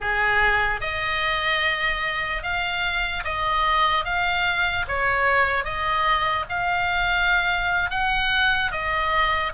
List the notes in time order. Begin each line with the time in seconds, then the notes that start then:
0.00 G#4
0.80 D#5
2.42 F5
3.24 D#5
4.04 F5
4.88 C#5
5.64 D#5
6.49 F5
7.90 F#5
8.71 D#5